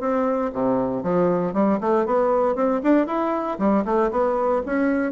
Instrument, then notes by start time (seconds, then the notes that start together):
bassoon
0.00 C4
0.52 C3
1.03 F3
1.53 G3
1.80 A3
2.06 B3
2.55 C4
2.83 D4
3.07 E4
3.58 G3
3.85 A3
4.11 B3
4.66 C#4